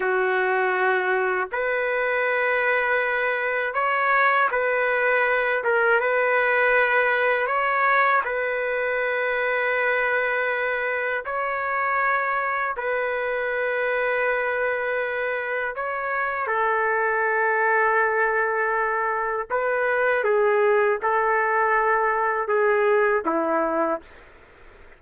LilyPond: \new Staff \with { instrumentName = "trumpet" } { \time 4/4 \tempo 4 = 80 fis'2 b'2~ | b'4 cis''4 b'4. ais'8 | b'2 cis''4 b'4~ | b'2. cis''4~ |
cis''4 b'2.~ | b'4 cis''4 a'2~ | a'2 b'4 gis'4 | a'2 gis'4 e'4 | }